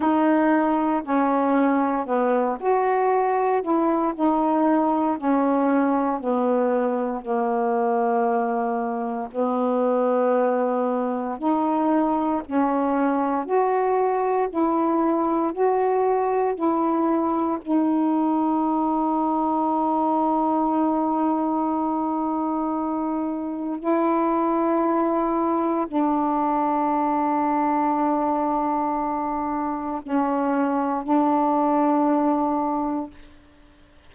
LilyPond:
\new Staff \with { instrumentName = "saxophone" } { \time 4/4 \tempo 4 = 58 dis'4 cis'4 b8 fis'4 e'8 | dis'4 cis'4 b4 ais4~ | ais4 b2 dis'4 | cis'4 fis'4 e'4 fis'4 |
e'4 dis'2.~ | dis'2. e'4~ | e'4 d'2.~ | d'4 cis'4 d'2 | }